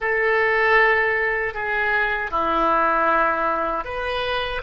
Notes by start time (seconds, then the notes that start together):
0.00 A4
1.53 G#4
2.30 E4
3.84 B4